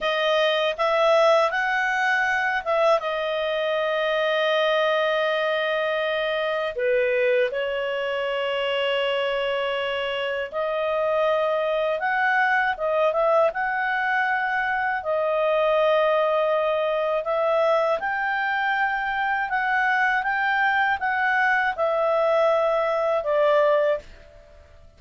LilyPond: \new Staff \with { instrumentName = "clarinet" } { \time 4/4 \tempo 4 = 80 dis''4 e''4 fis''4. e''8 | dis''1~ | dis''4 b'4 cis''2~ | cis''2 dis''2 |
fis''4 dis''8 e''8 fis''2 | dis''2. e''4 | g''2 fis''4 g''4 | fis''4 e''2 d''4 | }